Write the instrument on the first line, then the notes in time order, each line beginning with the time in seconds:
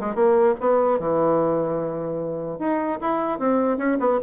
bassoon
0.00 G#3
0.15 A#3
0.60 B3
0.99 E3
2.59 D#4
3.01 E4
3.39 C4
3.78 C#4
3.99 B3